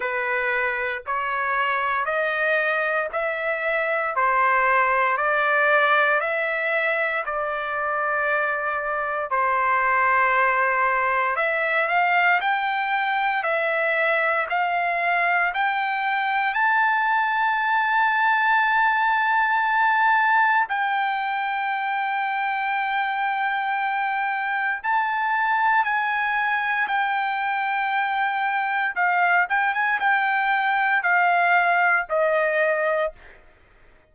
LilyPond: \new Staff \with { instrumentName = "trumpet" } { \time 4/4 \tempo 4 = 58 b'4 cis''4 dis''4 e''4 | c''4 d''4 e''4 d''4~ | d''4 c''2 e''8 f''8 | g''4 e''4 f''4 g''4 |
a''1 | g''1 | a''4 gis''4 g''2 | f''8 g''16 gis''16 g''4 f''4 dis''4 | }